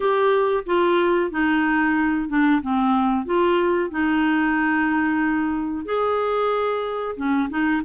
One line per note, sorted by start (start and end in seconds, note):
0.00 0.63 G4
0.66 1.30 F4
1.30 2.28 D#4
2.29 2.61 D4
2.61 3.25 C4
3.25 3.90 F4
3.90 5.85 D#4
5.85 7.15 G#4
7.16 7.49 C#4
7.49 7.82 D#4